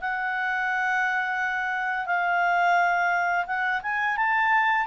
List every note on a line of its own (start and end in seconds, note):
0.00 2.06 F#5
2.06 3.45 F5
3.46 3.81 F#5
3.82 4.16 G#5
4.16 4.86 A5